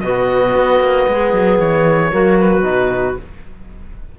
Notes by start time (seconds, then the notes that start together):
0.00 B2 B3 F#4 D#5
0.55 B3
0.80 A#3
1.07 G#3 G#4
1.33 F#3
1.58 E3 C#5
2.11 F#3 A#3 F#4
2.40 B4
2.62 B2 D#4